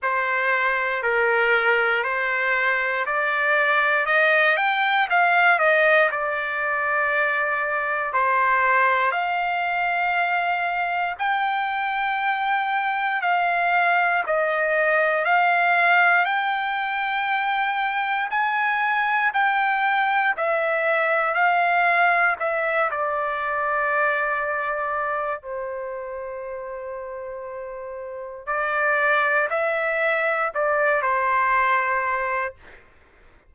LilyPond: \new Staff \with { instrumentName = "trumpet" } { \time 4/4 \tempo 4 = 59 c''4 ais'4 c''4 d''4 | dis''8 g''8 f''8 dis''8 d''2 | c''4 f''2 g''4~ | g''4 f''4 dis''4 f''4 |
g''2 gis''4 g''4 | e''4 f''4 e''8 d''4.~ | d''4 c''2. | d''4 e''4 d''8 c''4. | }